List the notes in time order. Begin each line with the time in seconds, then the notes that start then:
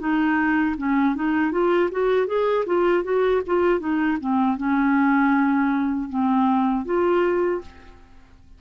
0.00 D#4
0.78 C#4
1.16 D#4
1.52 F4
1.92 F#4
2.28 G#4
2.66 F4
3.04 F#4
3.47 F4
3.80 D#4
4.21 C4
4.57 C#4
6.10 C4
6.86 F4